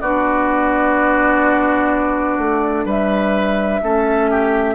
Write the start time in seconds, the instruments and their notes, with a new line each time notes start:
0.00 bassoon B3, clarinet D4, oboe F#4, flute D5
2.37 bassoon A3
2.85 bassoon G3, oboe B4, flute E5
3.82 bassoon A3, clarinet C#4, oboe A4
4.30 oboe G4